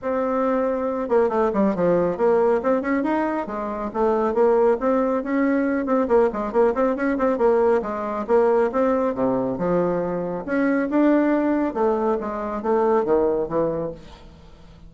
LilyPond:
\new Staff \with { instrumentName = "bassoon" } { \time 4/4 \tempo 4 = 138 c'2~ c'8 ais8 a8 g8 | f4 ais4 c'8 cis'8 dis'4 | gis4 a4 ais4 c'4 | cis'4. c'8 ais8 gis8 ais8 c'8 |
cis'8 c'8 ais4 gis4 ais4 | c'4 c4 f2 | cis'4 d'2 a4 | gis4 a4 dis4 e4 | }